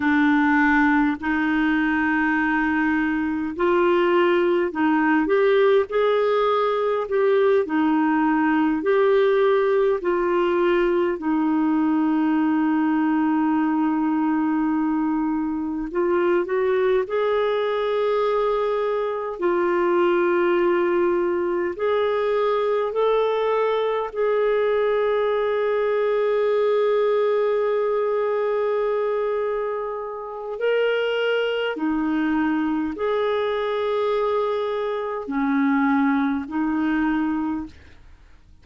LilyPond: \new Staff \with { instrumentName = "clarinet" } { \time 4/4 \tempo 4 = 51 d'4 dis'2 f'4 | dis'8 g'8 gis'4 g'8 dis'4 g'8~ | g'8 f'4 dis'2~ dis'8~ | dis'4. f'8 fis'8 gis'4.~ |
gis'8 f'2 gis'4 a'8~ | a'8 gis'2.~ gis'8~ | gis'2 ais'4 dis'4 | gis'2 cis'4 dis'4 | }